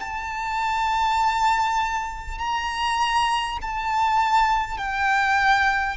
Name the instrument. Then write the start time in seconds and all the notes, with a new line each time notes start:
violin
0.00 A5
2.38 A#5
3.62 A5
4.77 G5